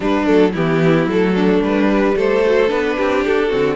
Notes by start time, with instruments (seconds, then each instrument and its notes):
0.00 viola G3, cello G3, violin D4 B4
0.25 cello F#3, viola A3, violin A4
0.52 cello E3, viola B3, violin E4 G4
1.06 cello F#3, viola A3, violin A4
1.34 violin D4
1.61 cello G3, violin B4
1.88 viola G3
2.15 cello A3, violin A4 C5
2.45 viola F#3
2.67 cello B3, viola D4, violin B4
2.97 cello C4, violin G4
3.25 cello D4, violin A4
3.48 cello D3, viola C4, violin F#4